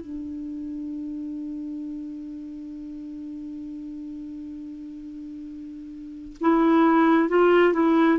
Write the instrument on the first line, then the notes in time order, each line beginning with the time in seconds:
clarinet
0.00 D4
6.40 E4
7.29 F4
7.73 E4